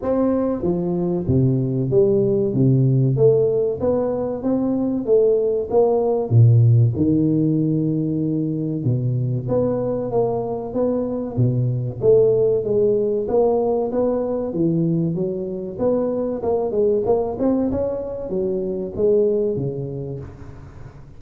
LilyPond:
\new Staff \with { instrumentName = "tuba" } { \time 4/4 \tempo 4 = 95 c'4 f4 c4 g4 | c4 a4 b4 c'4 | a4 ais4 ais,4 dis4~ | dis2 b,4 b4 |
ais4 b4 b,4 a4 | gis4 ais4 b4 e4 | fis4 b4 ais8 gis8 ais8 c'8 | cis'4 fis4 gis4 cis4 | }